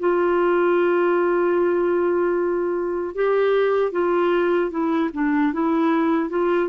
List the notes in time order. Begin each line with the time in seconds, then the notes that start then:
0.00 F4
3.15 G4
3.92 F4
4.71 E4
5.14 D4
5.53 E4
6.30 F4